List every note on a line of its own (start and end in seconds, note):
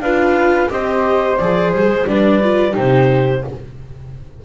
0.00 0.68 D4
0.00 0.69 F4
0.00 0.71 B4
0.00 0.69 F5
0.69 1.38 C4
0.69 1.37 G4
0.69 2.09 C5
0.69 1.37 D#5
1.37 1.73 F3
1.37 2.07 G#4
1.37 1.71 D5
1.73 1.88 G3
1.73 2.07 C5
1.88 2.05 G#3
2.06 2.75 G3
2.06 2.41 D4
2.06 2.73 B4
2.06 2.75 D5
2.43 2.71 F4
2.71 3.44 C3
2.71 3.40 D#4
2.71 3.41 G4
2.71 3.44 C5